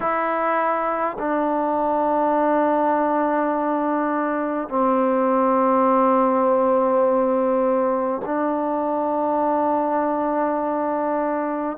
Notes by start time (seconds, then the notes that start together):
0.00 E4
1.18 D4
4.68 C4
8.25 D4